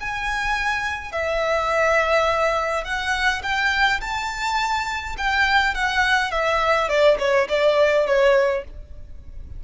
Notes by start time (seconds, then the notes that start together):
0.00 G#5
1.12 E5
2.84 F#5
3.43 G5
4.01 A5
5.17 G5
5.74 F#5
6.31 E5
6.89 D5
7.19 C#5
7.49 D5
8.06 C#5